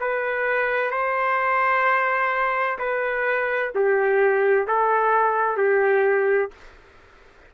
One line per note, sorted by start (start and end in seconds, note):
0.00 0.91 B4
0.91 2.78 C5
2.78 3.72 B4
3.75 4.67 G4
4.67 5.57 A4
5.57 6.51 G4